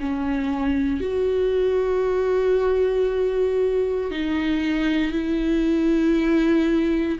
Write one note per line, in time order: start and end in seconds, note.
0.00 1.01 C#4
1.01 4.11 F#4
4.11 5.12 D#4
5.12 7.18 E4